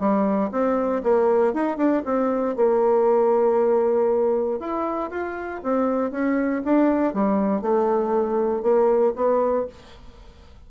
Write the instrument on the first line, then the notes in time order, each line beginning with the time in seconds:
bassoon
0.00 G3
0.52 C4
1.04 A#3
1.54 D#4
1.78 D4
2.05 C4
2.57 A#3
4.60 E4
5.11 F4
5.64 C4
6.12 C#4
6.65 D4
7.14 G3
7.62 A3
8.63 A#3
9.16 B3